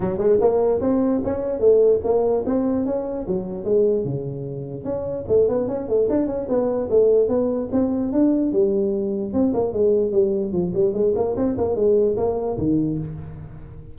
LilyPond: \new Staff \with { instrumentName = "tuba" } { \time 4/4 \tempo 4 = 148 fis8 gis8 ais4 c'4 cis'4 | a4 ais4 c'4 cis'4 | fis4 gis4 cis2 | cis'4 a8 b8 cis'8 a8 d'8 cis'8 |
b4 a4 b4 c'4 | d'4 g2 c'8 ais8 | gis4 g4 f8 g8 gis8 ais8 | c'8 ais8 gis4 ais4 dis4 | }